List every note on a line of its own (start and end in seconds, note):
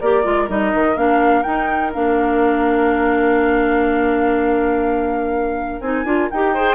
0.00 0.25 A#3
0.00 0.24 G4
0.00 6.53 A#4
0.00 0.49 D5
0.24 0.49 G#3
0.24 0.48 F4
0.48 0.73 G3
0.48 0.96 D#4
0.48 0.97 D#5
0.73 0.96 D#3
0.96 1.45 A#3
0.96 1.44 D4
0.96 1.43 F5
1.43 1.93 D#4
1.43 1.94 D#4
1.43 1.91 G5
1.94 5.80 A#3
1.94 5.81 D4
1.94 5.81 F5
5.80 6.04 C4
5.80 6.05 D#4
5.80 6.29 G#5
6.04 6.29 D4
6.04 6.30 F4
6.30 6.75 D#4
6.30 6.56 G4
6.30 6.75 G5
6.53 6.75 G#4
6.53 6.75 C5